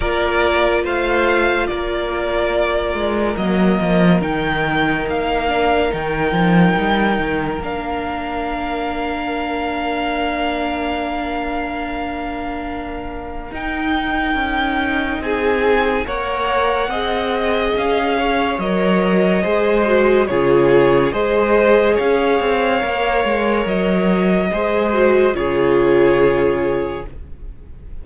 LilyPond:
<<
  \new Staff \with { instrumentName = "violin" } { \time 4/4 \tempo 4 = 71 d''4 f''4 d''2 | dis''4 g''4 f''4 g''4~ | g''4 f''2.~ | f''1 |
g''2 gis''4 fis''4~ | fis''4 f''4 dis''2 | cis''4 dis''4 f''2 | dis''2 cis''2 | }
  \new Staff \with { instrumentName = "violin" } { \time 4/4 ais'4 c''4 ais'2~ | ais'1~ | ais'1~ | ais'1~ |
ais'2 gis'4 cis''4 | dis''4. cis''4. c''4 | gis'4 c''4 cis''2~ | cis''4 c''4 gis'2 | }
  \new Staff \with { instrumentName = "viola" } { \time 4/4 f'1 | ais4 dis'4. d'8 dis'4~ | dis'4 d'2.~ | d'1 |
dis'2. ais'4 | gis'2 ais'4 gis'8 fis'8 | f'4 gis'2 ais'4~ | ais'4 gis'8 fis'8 f'2 | }
  \new Staff \with { instrumentName = "cello" } { \time 4/4 ais4 a4 ais4. gis8 | fis8 f8 dis4 ais4 dis8 f8 | g8 dis8 ais2.~ | ais1 |
dis'4 cis'4 c'4 ais4 | c'4 cis'4 fis4 gis4 | cis4 gis4 cis'8 c'8 ais8 gis8 | fis4 gis4 cis2 | }
>>